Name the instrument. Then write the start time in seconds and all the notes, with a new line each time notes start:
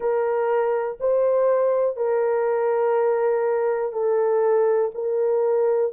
horn
0.00 A#4
1.00 C5
1.96 A#4
3.92 A4
4.94 A#4